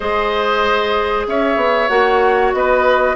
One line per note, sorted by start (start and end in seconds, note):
0.00 1.27 G#3
0.00 1.89 G#4
0.00 1.26 C5
0.00 1.25 D#5
1.27 1.56 C#4
1.27 2.55 C#5
1.27 1.88 E5
1.56 1.87 B3
1.88 2.52 A#3
1.88 3.15 F#4
1.88 2.51 F#5
2.53 3.15 B3
2.53 3.15 B4
2.53 3.15 D#5